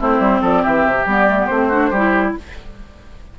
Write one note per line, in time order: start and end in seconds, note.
0.00 0.20 A3
0.00 1.07 C4
0.00 0.41 E4
0.00 0.44 C5
0.20 0.41 G3
0.41 0.63 F3
0.41 0.63 A4
0.41 0.64 D5
0.63 0.86 E3
0.63 1.69 G4
0.63 1.07 E5
0.86 1.06 C3
1.06 1.48 G3
1.06 1.29 B3
1.06 1.47 D5
1.29 1.39 A3
1.39 1.50 B3
1.47 1.91 A3
1.47 1.71 C4
1.47 2.32 C5
1.69 1.93 D4
1.69 1.90 F#4
1.90 2.34 G3
1.90 2.39 E4
1.90 2.33 G4